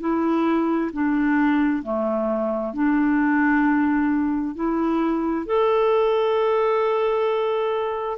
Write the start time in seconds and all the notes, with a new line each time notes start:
0.00 E4
0.93 D4
1.83 A3
2.74 D4
4.55 E4
5.46 A4